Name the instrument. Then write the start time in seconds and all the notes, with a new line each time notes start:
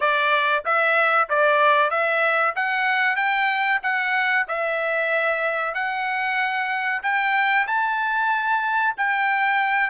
trumpet
0.00 D5
0.65 E5
1.29 D5
1.90 E5
2.55 F#5
3.15 G5
3.82 F#5
4.48 E5
5.74 F#5
7.02 G5
7.67 A5
8.97 G5